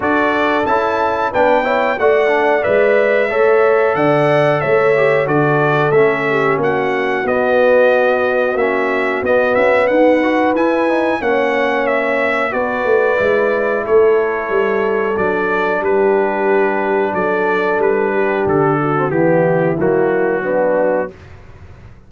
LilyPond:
<<
  \new Staff \with { instrumentName = "trumpet" } { \time 4/4 \tempo 4 = 91 d''4 a''4 g''4 fis''4 | e''2 fis''4 e''4 | d''4 e''4 fis''4 dis''4~ | dis''4 e''4 dis''8 e''8 fis''4 |
gis''4 fis''4 e''4 d''4~ | d''4 cis''2 d''4 | b'2 d''4 b'4 | a'4 g'4 fis'2 | }
  \new Staff \with { instrumentName = "horn" } { \time 4/4 a'2 b'8 cis''8 d''4~ | d''4 cis''4 d''4 cis''4 | a'4. g'8 fis'2~ | fis'2. b'4~ |
b'4 cis''2 b'4~ | b'4 a'2. | g'2 a'4. g'8~ | g'8 fis'8 e'2 d'4 | }
  \new Staff \with { instrumentName = "trombone" } { \time 4/4 fis'4 e'4 d'8 e'8 fis'8 d'8 | b'4 a'2~ a'8 g'8 | fis'4 cis'2 b4~ | b4 cis'4 b4. fis'8 |
e'8 dis'8 cis'2 fis'4 | e'2. d'4~ | d'1~ | d'8. c'16 b4 ais4 b4 | }
  \new Staff \with { instrumentName = "tuba" } { \time 4/4 d'4 cis'4 b4 a4 | gis4 a4 d4 a4 | d4 a4 ais4 b4~ | b4 ais4 b8 cis'8 dis'4 |
e'4 ais2 b8 a8 | gis4 a4 g4 fis4 | g2 fis4 g4 | d4 e4 fis2 | }
>>